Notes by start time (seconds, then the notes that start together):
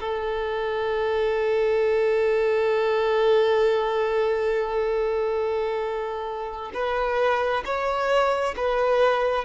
0.00 A4
6.74 B4
7.65 C#5
8.56 B4